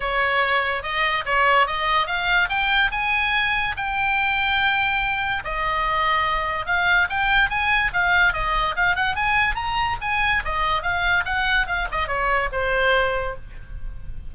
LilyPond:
\new Staff \with { instrumentName = "oboe" } { \time 4/4 \tempo 4 = 144 cis''2 dis''4 cis''4 | dis''4 f''4 g''4 gis''4~ | gis''4 g''2.~ | g''4 dis''2. |
f''4 g''4 gis''4 f''4 | dis''4 f''8 fis''8 gis''4 ais''4 | gis''4 dis''4 f''4 fis''4 | f''8 dis''8 cis''4 c''2 | }